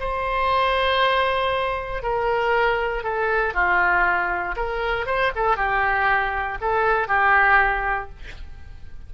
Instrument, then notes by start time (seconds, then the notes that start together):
oboe
0.00 C5
2.02 A#4
3.03 A4
3.54 F4
4.56 A#4
5.06 C5
5.36 A4
5.57 G4
6.61 A4
7.08 G4